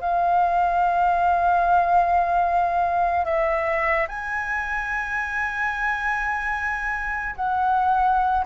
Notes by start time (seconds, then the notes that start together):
0.00 F5
3.25 E5
4.08 G#5
7.35 F#5